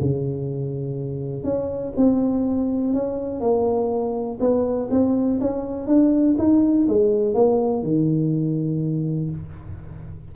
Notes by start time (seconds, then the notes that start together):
0.00 C#3
1.44 C#4
1.97 C4
2.93 C#4
3.40 A#3
4.40 B3
4.91 C4
5.41 C#4
5.87 D4
6.38 D#4
6.88 G#3
7.34 A#3
7.83 D#3